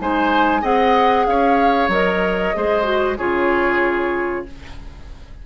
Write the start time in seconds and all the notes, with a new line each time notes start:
0.00 G#3 D#4 C5 G#5
0.62 C4 G#4 D#5 F#5
1.26 C#4 C#5 F5
1.89 F#3 A#4 D#5
2.55 G#3 G#4 C5
2.84 F#4
3.18 C#3 F4 G#4 C#5